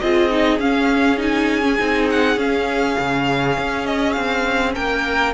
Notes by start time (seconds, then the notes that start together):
0.00 C4 F4 G#4 D#5
0.30 D#4
0.59 C#4 F5
1.17 D#4 G#5
1.62 C#4
1.79 C4 D#4
2.10 F#5
2.37 C#4 F5
2.99 C#3
3.58 C#4
3.86 D#5
4.13 C4 F5
4.75 A#3 A#4 G5